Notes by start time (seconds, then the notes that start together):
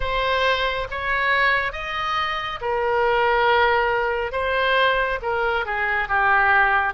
0.00 C5
0.91 C#5
1.72 D#5
2.61 A#4
4.32 C5
5.22 A#4
5.65 G#4
6.08 G4